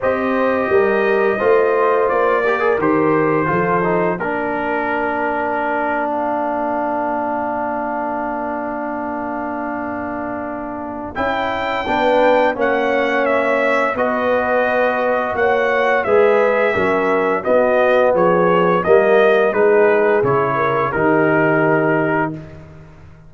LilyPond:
<<
  \new Staff \with { instrumentName = "trumpet" } { \time 4/4 \tempo 4 = 86 dis''2. d''4 | c''2 ais'2~ | ais'8. f''2.~ f''16~ | f''1 |
g''2 fis''4 e''4 | dis''2 fis''4 e''4~ | e''4 dis''4 cis''4 dis''4 | b'4 cis''4 ais'2 | }
  \new Staff \with { instrumentName = "horn" } { \time 4/4 c''4 ais'4 c''4. ais'8~ | ais'4 a'4 ais'2~ | ais'1~ | ais'1~ |
ais'4 b'4 cis''2 | b'2 cis''4 b'4 | ais'4 fis'4 gis'4 ais'4 | gis'4. ais'8 g'2 | }
  \new Staff \with { instrumentName = "trombone" } { \time 4/4 g'2 f'4. g'16 gis'16 | g'4 f'8 dis'8 d'2~ | d'1~ | d'1 |
e'4 d'4 cis'2 | fis'2. gis'4 | cis'4 b2 ais4 | dis'4 e'4 dis'2 | }
  \new Staff \with { instrumentName = "tuba" } { \time 4/4 c'4 g4 a4 ais4 | dis4 f4 ais2~ | ais1~ | ais1 |
cis'4 b4 ais2 | b2 ais4 gis4 | fis4 b4 f4 g4 | gis4 cis4 dis2 | }
>>